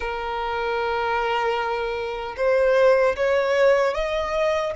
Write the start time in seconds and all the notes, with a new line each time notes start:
0.00 A#4
2.36 C5
3.16 C#5
3.94 D#5